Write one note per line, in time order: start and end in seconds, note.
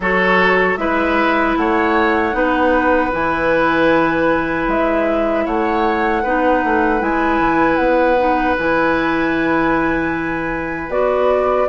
0.00 0.77 F#3
0.00 0.77 F#4
0.00 0.79 A4
0.00 0.76 C#5
0.76 1.55 G#3
0.76 2.32 E4
0.76 1.58 B4
0.76 1.54 E5
1.56 2.33 A3
1.56 2.36 C#5
1.56 3.12 F#5
2.32 3.11 B3
2.32 3.10 D#4
2.32 5.45 B4
3.11 4.67 E3
3.11 6.23 E4
3.11 4.69 G#5
4.67 5.45 G#3
4.67 5.46 E5
5.45 6.24 A3
5.45 6.23 C#5
5.45 7.01 F#5
6.23 6.63 B3
6.23 6.99 D#4
6.23 11.68 B4
6.63 7.01 A3
6.99 7.39 G#3
6.99 8.16 E4
6.99 7.76 G#5
7.39 7.78 E3
7.76 8.56 B3
7.76 8.54 F#5
8.17 8.56 D#4
8.58 10.88 E3
8.58 10.89 E4
8.58 10.91 G#5
10.88 11.66 B3
10.88 11.67 F#4
10.88 11.68 D5